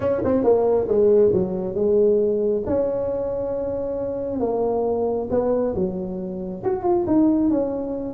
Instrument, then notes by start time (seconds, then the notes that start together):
tuba
0.00 C#4
0.24 C4
0.43 A#3
0.88 G#3
1.33 F#3
1.74 G#3
2.66 C#4
4.40 A#3
5.30 B3
5.74 F#3
6.64 F#4
6.83 F4
7.06 D#4
7.50 C#4